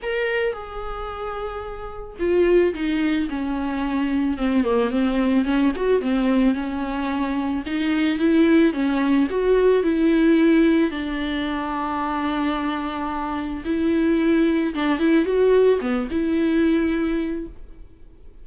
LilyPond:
\new Staff \with { instrumentName = "viola" } { \time 4/4 \tempo 4 = 110 ais'4 gis'2. | f'4 dis'4 cis'2 | c'8 ais8 c'4 cis'8 fis'8 c'4 | cis'2 dis'4 e'4 |
cis'4 fis'4 e'2 | d'1~ | d'4 e'2 d'8 e'8 | fis'4 b8 e'2~ e'8 | }